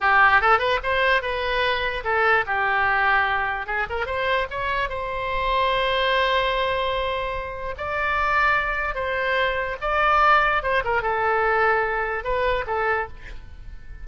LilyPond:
\new Staff \with { instrumentName = "oboe" } { \time 4/4 \tempo 4 = 147 g'4 a'8 b'8 c''4 b'4~ | b'4 a'4 g'2~ | g'4 gis'8 ais'8 c''4 cis''4 | c''1~ |
c''2. d''4~ | d''2 c''2 | d''2 c''8 ais'8 a'4~ | a'2 b'4 a'4 | }